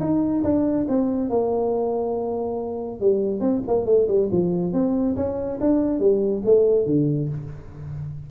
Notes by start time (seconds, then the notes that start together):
0.00 D#4
0.44 D4
0.88 C4
1.30 A#3
3.01 G3
3.41 C4
3.67 A#3
3.86 A3
4.08 G3
4.32 F3
4.73 C4
5.16 C#4
5.61 D4
6.00 G3
6.45 A3
6.86 D3